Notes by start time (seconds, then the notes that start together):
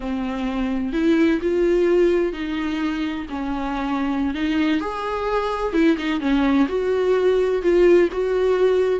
0.00 C4
0.93 E4
1.41 F4
2.32 D#4
3.29 C#4
4.34 D#4
4.80 G#4
5.73 E4
5.97 D#4
6.20 C#4
6.68 F#4
7.62 F4
8.11 F#4